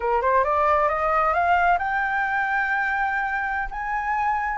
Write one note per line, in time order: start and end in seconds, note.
0.00 0.21 A#4
0.21 0.44 C5
0.44 0.89 D5
0.89 1.33 D#5
1.33 1.78 F5
1.78 3.68 G5
3.70 4.57 G#5